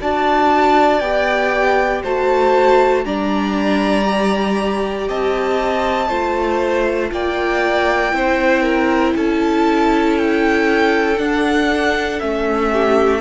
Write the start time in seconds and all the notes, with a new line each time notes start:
0.00 D4 F#4 D5 A5
0.99 B3 G4 G5
2.03 A3 F#4 C5 A5
3.04 G3 D4 D5 A#5
4.04 G4
5.08 C4 D#5 A5
6.08 A3 F4 C5
7.11 A#3 D5 G5
8.11 C4 E4 C5
8.62 A#4
9.15 C#4 A4 A5
10.18 G5
11.17 D4 F#5
12.19 A3 C#4 E5
12.73 G4